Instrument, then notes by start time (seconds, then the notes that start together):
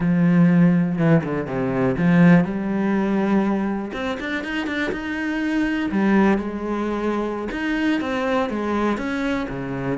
cello
0.00 F3
0.98 E3
1.24 D3
1.46 C3
1.97 F3
2.44 G3
3.93 C4
4.20 D4
4.44 D#4
4.66 D4
4.91 D#4
5.91 G3
6.38 G#3
7.51 D#4
8.01 C4
8.49 G#3
8.97 C#4
9.49 C#3